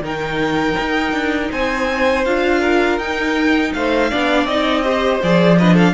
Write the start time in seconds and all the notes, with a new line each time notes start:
0.00 D#3 D#4 A#4 G5
0.80 D#4
1.12 D4
1.50 C4 C5 G#5
2.25 D4 F4 F5
2.60 A#4
2.98 D#4 G5
3.73 A3 C5 F5
4.10 B3 D4 D5
4.45 C4 D#4 D#5
4.83 G4 C5
5.23 F3 G#4 D5
5.58 D4 B4 D#5
5.74 A4 F5